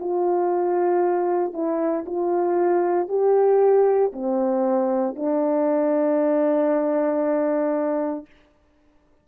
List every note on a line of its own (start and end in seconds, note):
0.00 1.53 F4
1.53 2.05 E4
2.06 3.08 F4
3.08 4.12 G4
4.13 5.16 C4
5.16 8.26 D4